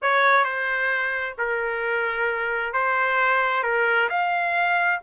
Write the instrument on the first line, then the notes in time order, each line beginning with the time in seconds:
trumpet
0.01 C#5
0.44 C5
1.38 A#4
2.73 C5
3.63 A#4
4.09 F5